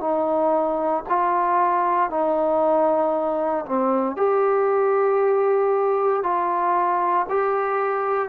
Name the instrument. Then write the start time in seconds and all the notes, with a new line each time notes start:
trombone
0.00 D#4
1.09 F4
2.10 D#4
3.65 C4
4.16 G4
6.23 F4
7.29 G4